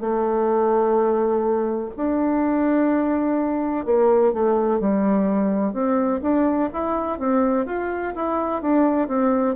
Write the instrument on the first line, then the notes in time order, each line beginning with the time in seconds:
bassoon
0.00 A3
1.97 D4
3.85 A#3
4.33 A3
4.80 G3
5.73 C4
6.22 D4
6.73 E4
7.19 C4
7.66 F4
8.15 E4
8.62 D4
9.08 C4